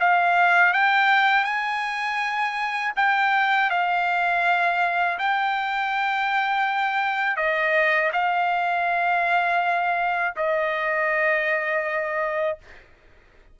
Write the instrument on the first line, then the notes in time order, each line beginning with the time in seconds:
trumpet
0.00 F5
0.73 G5
1.44 G#5
2.96 G5
3.70 F5
5.19 G5
7.37 D#5
8.13 F5
10.36 D#5